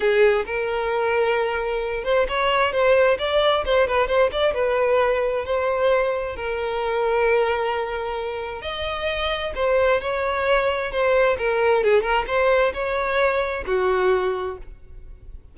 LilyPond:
\new Staff \with { instrumentName = "violin" } { \time 4/4 \tempo 4 = 132 gis'4 ais'2.~ | ais'8 c''8 cis''4 c''4 d''4 | c''8 b'8 c''8 d''8 b'2 | c''2 ais'2~ |
ais'2. dis''4~ | dis''4 c''4 cis''2 | c''4 ais'4 gis'8 ais'8 c''4 | cis''2 fis'2 | }